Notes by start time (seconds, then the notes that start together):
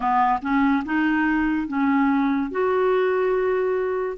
0.00 B3
0.42 C#4
0.85 D#4
1.67 C#4
2.51 F#4